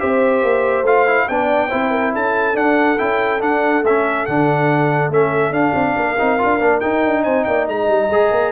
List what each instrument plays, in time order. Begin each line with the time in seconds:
0.00 tuba C4, trombone G4, horn C5, trumpet E5
0.43 tuba A#3
0.83 tuba A3, trombone F4, trumpet F5
1.08 trombone E4
1.29 tuba B3, trombone D4, horn D5, trumpet G5
1.70 tuba C4, trombone E4, horn C5
1.91 horn A#4
2.14 tuba C#4, horn A4, trumpet A5
2.55 trombone D4, tuba D4, trumpet F#5
2.98 tuba C#4, trombone E4, trumpet G5
3.40 trombone D4, tuba D4, trumpet F#5
3.83 tuba A3, trombone C#4, trumpet E5
4.26 tuba D3, trombone D4, trumpet F#5
5.09 tuba A3, trombone C#4, trumpet E5
5.51 tuba D4, trombone D4, trumpet F5
5.75 tuba C4
5.97 tuba A#3, horn A#4
6.19 tuba C4, trombone D#4
6.39 tuba D4, trombone F4
6.61 tuba A#3, trombone D4
6.81 trombone D#4, tuba D#4, trumpet G5
7.05 tuba D4
7.24 tuba C4, horn C5, trumpet G#5
7.45 tuba A#3, horn D5, trumpet G5
7.68 tuba G#3, horn D#5, trumpet A#5
7.88 tuba G3
8.10 tuba G#3, trombone G#4
8.32 tuba A#3